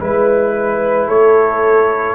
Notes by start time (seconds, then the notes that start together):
0.00 G#3 E4 B4
1.08 A3 A4 C#5